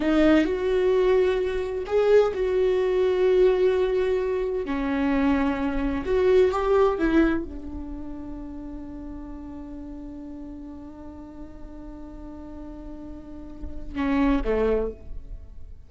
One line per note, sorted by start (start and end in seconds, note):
0.00 0.44 D#4
0.44 1.84 F#4
1.86 2.33 G#4
2.34 4.65 F#4
4.65 6.04 C#4
6.05 6.51 F#4
6.51 6.98 G4
6.98 7.44 E4
7.44 13.95 D4
13.95 14.41 C#4
14.44 14.91 A3